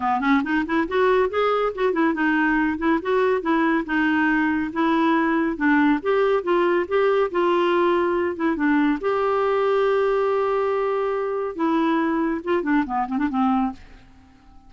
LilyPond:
\new Staff \with { instrumentName = "clarinet" } { \time 4/4 \tempo 4 = 140 b8 cis'8 dis'8 e'8 fis'4 gis'4 | fis'8 e'8 dis'4. e'8 fis'4 | e'4 dis'2 e'4~ | e'4 d'4 g'4 f'4 |
g'4 f'2~ f'8 e'8 | d'4 g'2.~ | g'2. e'4~ | e'4 f'8 d'8 b8 c'16 d'16 c'4 | }